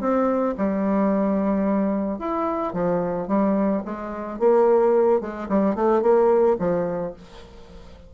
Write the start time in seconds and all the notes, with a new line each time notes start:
0.00 C4
0.57 G3
2.18 E4
2.73 F3
3.28 G3
3.85 G#3
4.39 A#3
5.21 G#3
5.48 G3
5.75 A3
6.02 A#3
6.59 F3